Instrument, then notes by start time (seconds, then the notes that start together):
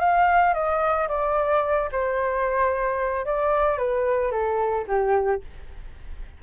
flute
0.00 F5
0.54 D#5
1.09 D5
1.92 C5
3.26 D5
3.78 B4
4.31 A4
4.88 G4